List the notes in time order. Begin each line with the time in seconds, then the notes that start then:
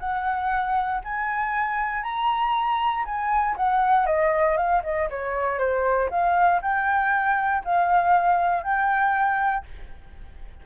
0.00 F#5
1.04 G#5
2.03 A#5
3.05 G#5
3.57 F#5
4.06 D#5
4.57 F5
4.84 D#5
5.10 C#5
5.59 C5
6.10 F5
6.62 G5
7.65 F5
8.63 G5